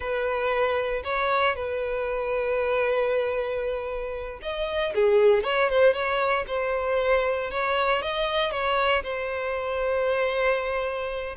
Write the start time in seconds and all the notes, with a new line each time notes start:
0.00 B4
1.03 C#5
1.55 B4
4.42 D#5
4.94 G#4
5.43 C#5
5.69 C5
5.93 C#5
6.47 C5
7.50 C#5
8.02 D#5
8.51 C#5
9.03 C5